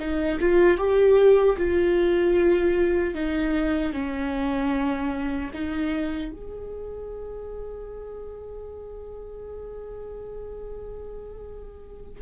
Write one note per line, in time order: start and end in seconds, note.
0.00 0.39 D#4
0.41 0.78 F4
0.78 1.57 G4
1.58 3.15 F4
3.15 3.93 D#4
3.93 5.51 C#4
5.54 6.32 D#4
6.32 12.22 G#4